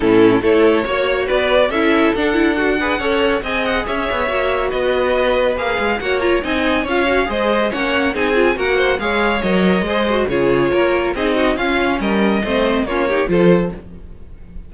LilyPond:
<<
  \new Staff \with { instrumentName = "violin" } { \time 4/4 \tempo 4 = 140 a'4 cis''2 d''4 | e''4 fis''2. | gis''8 fis''8 e''2 dis''4~ | dis''4 f''4 fis''8 ais''8 gis''4 |
f''4 dis''4 fis''4 gis''4 | fis''4 f''4 dis''2 | cis''2 dis''4 f''4 | dis''2 cis''4 c''4 | }
  \new Staff \with { instrumentName = "violin" } { \time 4/4 e'4 a'4 cis''4 b'4 | a'2~ a'8 b'8 cis''4 | dis''4 cis''2 b'4~ | b'2 cis''4 dis''4 |
cis''4 c''4 cis''4 gis'4 | ais'8 c''8 cis''2 c''4 | gis'4 ais'4 gis'8 fis'8 f'4 | ais'4 c''4 f'8 g'8 a'4 | }
  \new Staff \with { instrumentName = "viola" } { \time 4/4 cis'4 e'4 fis'2 | e'4 d'8 e'8 fis'8 gis'8 a'4 | gis'2 fis'2~ | fis'4 gis'4 fis'8 f'8 dis'4 |
f'8 fis'8 gis'4 cis'4 dis'8 f'8 | fis'4 gis'4 ais'4 gis'8 fis'8 | f'2 dis'4 cis'4~ | cis'4 c'4 cis'8 dis'8 f'4 | }
  \new Staff \with { instrumentName = "cello" } { \time 4/4 a,4 a4 ais4 b4 | cis'4 d'2 cis'4 | c'4 cis'8 b8 ais4 b4~ | b4 ais8 gis8 ais4 c'4 |
cis'4 gis4 ais4 c'4 | ais4 gis4 fis4 gis4 | cis4 ais4 c'4 cis'4 | g4 a4 ais4 f4 | }
>>